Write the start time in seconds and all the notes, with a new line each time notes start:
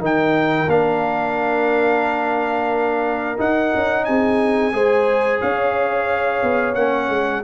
0.00 D#3 D#4 A#4 G5
0.67 A#3 D4 F5
3.37 D#4 F#5
3.75 C#4
4.05 C4 G#4 G#5
4.73 G#3 G#4 C5
5.40 C#4 C#5 F5
6.43 B3
6.75 A#3 C#4 F#5
7.09 G#3